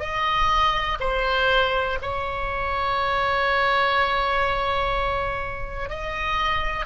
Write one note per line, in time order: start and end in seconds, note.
0.00 0.98 D#5
1.01 1.99 C5
2.03 5.90 C#5
5.90 6.86 D#5